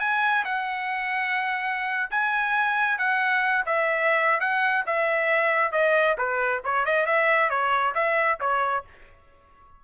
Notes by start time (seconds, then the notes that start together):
0.00 G#5
0.45 F#5
2.11 G#5
2.98 F#5
3.66 E5
4.40 F#5
4.86 E5
5.72 D#5
6.18 B4
6.64 C#5
6.85 D#5
7.06 E5
7.50 C#5
7.95 E5
8.40 C#5